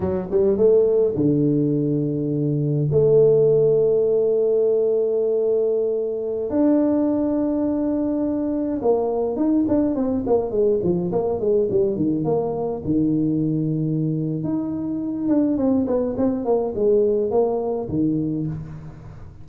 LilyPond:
\new Staff \with { instrumentName = "tuba" } { \time 4/4 \tempo 4 = 104 fis8 g8 a4 d2~ | d4 a2.~ | a2.~ a16 d'8.~ | d'2.~ d'16 ais8.~ |
ais16 dis'8 d'8 c'8 ais8 gis8 f8 ais8 gis16~ | gis16 g8 dis8 ais4 dis4.~ dis16~ | dis4 dis'4. d'8 c'8 b8 | c'8 ais8 gis4 ais4 dis4 | }